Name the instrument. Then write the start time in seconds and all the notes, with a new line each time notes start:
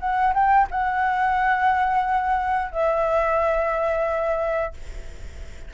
flute
0.00 F#5
0.34 G5
0.71 F#5
2.72 E5